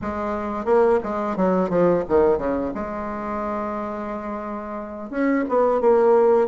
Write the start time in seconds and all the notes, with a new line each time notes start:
0.01 G#3
0.65 A#3
1.03 G#3
1.36 F#3
1.69 F3
2.08 D#3
2.38 C#3
2.74 G#3
5.10 C#4
5.49 B3
5.80 A#3